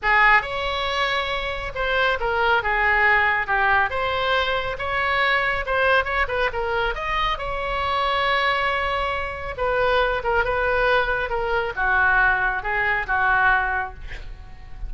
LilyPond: \new Staff \with { instrumentName = "oboe" } { \time 4/4 \tempo 4 = 138 gis'4 cis''2. | c''4 ais'4 gis'2 | g'4 c''2 cis''4~ | cis''4 c''4 cis''8 b'8 ais'4 |
dis''4 cis''2.~ | cis''2 b'4. ais'8 | b'2 ais'4 fis'4~ | fis'4 gis'4 fis'2 | }